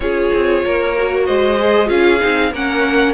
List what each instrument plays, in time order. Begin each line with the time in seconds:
0.00 cello C#4, viola F4, violin G#4 C#5
0.33 cello C4
0.64 cello A#3, violin A#4
0.97 viola F#4
1.26 cello G#3, violin C5 D#5
1.59 viola G#4
1.86 cello C#4, viola F4, violin G#4 F5
2.20 cello C4, viola D#4
2.51 cello A#3, viola C#4, violin A#4 F#5